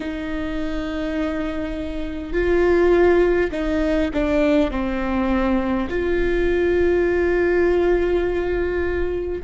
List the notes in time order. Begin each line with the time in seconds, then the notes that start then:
0.00 D#4
2.33 F4
3.51 D#4
4.13 D4
4.71 C4
5.89 F4